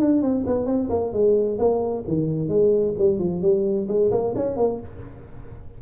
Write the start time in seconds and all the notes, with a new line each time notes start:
0.00 D4
0.22 C4
0.47 B3
0.66 C4
0.90 A#3
1.13 G#3
1.59 A#3
2.08 D#3
2.49 G#3
2.99 G3
3.19 F3
3.42 G3
3.88 G#3
4.12 A#3
4.36 C#4
4.57 A#3